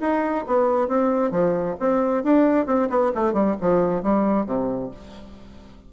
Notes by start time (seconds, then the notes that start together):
0.00 D#4
0.46 B3
0.88 C4
1.31 F3
1.79 C4
2.23 D4
2.66 C4
2.89 B3
3.14 A3
3.33 G3
3.60 F3
4.02 G3
4.46 C3